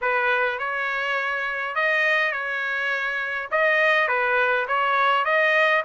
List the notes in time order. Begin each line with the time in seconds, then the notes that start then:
0.01 B4
0.58 C#5
1.75 D#5
2.32 C#5
3.51 D#5
4.08 B4
4.67 C#5
5.24 D#5